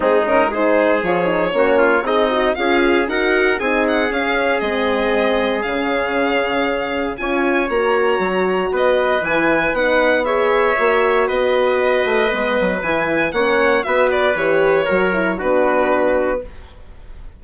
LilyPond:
<<
  \new Staff \with { instrumentName = "violin" } { \time 4/4 \tempo 4 = 117 gis'8 ais'8 c''4 cis''2 | dis''4 f''4 fis''4 gis''8 fis''8 | f''4 dis''2 f''4~ | f''2 gis''4 ais''4~ |
ais''4 dis''4 gis''4 fis''4 | e''2 dis''2~ | dis''4 gis''4 fis''4 e''8 d''8 | cis''2 b'2 | }
  \new Staff \with { instrumentName = "trumpet" } { \time 4/4 dis'4 gis'2 fis'8 f'8 | dis'4 gis'4 ais'4 gis'4~ | gis'1~ | gis'2 cis''2~ |
cis''4 b'2. | cis''2 b'2~ | b'2 cis''4 b'4~ | b'4 ais'4 fis'2 | }
  \new Staff \with { instrumentName = "horn" } { \time 4/4 c'8 cis'8 dis'4 f'8 dis'8 cis'4 | gis'8 fis'8 f'4 fis'4 dis'4 | cis'4 c'2 cis'4~ | cis'2 f'4 fis'4~ |
fis'2 e'4 dis'4 | gis'4 fis'2. | b4 e'4 cis'4 fis'4 | g'4 fis'8 e'8 d'2 | }
  \new Staff \with { instrumentName = "bassoon" } { \time 4/4 gis2 f4 ais4 | c'4 cis'4 dis'4 c'4 | cis'4 gis2 cis4~ | cis2 cis'4 ais4 |
fis4 b4 e4 b4~ | b4 ais4 b4. a8 | gis8 fis8 e4 ais4 b4 | e4 fis4 b2 | }
>>